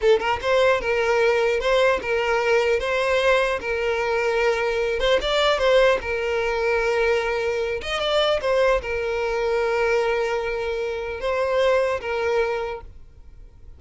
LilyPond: \new Staff \with { instrumentName = "violin" } { \time 4/4 \tempo 4 = 150 a'8 ais'8 c''4 ais'2 | c''4 ais'2 c''4~ | c''4 ais'2.~ | ais'8 c''8 d''4 c''4 ais'4~ |
ais'2.~ ais'8 dis''8 | d''4 c''4 ais'2~ | ais'1 | c''2 ais'2 | }